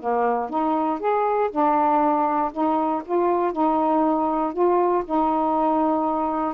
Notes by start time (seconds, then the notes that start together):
0.00 A#3
0.49 D#4
0.99 G#4
1.51 D4
2.52 D#4
3.05 F4
3.52 D#4
4.53 F4
5.05 D#4